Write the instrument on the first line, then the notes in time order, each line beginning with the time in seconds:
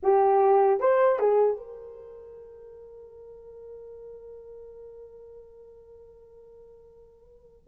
horn
0.03 G4
0.80 C5
1.19 G#4
1.56 A#4